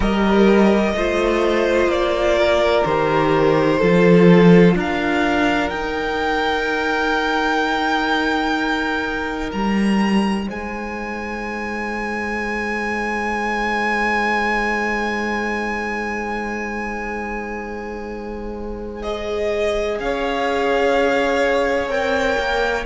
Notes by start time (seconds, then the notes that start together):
0.00 G3 G4 A#4 D#5
0.93 A3 F4 C5
1.87 A#3 D5
2.39 A#4
2.85 D#3 G4 C5
3.79 F3 F4 A4
4.74 D4 A#4 F5
5.69 D#4 G5
9.52 G3 A#5
10.47 G#3 C5 G#5
19.02 G#4 D#5
19.99 C#4 C#5 F5
21.88 C4 A#4 G5
22.38 A#3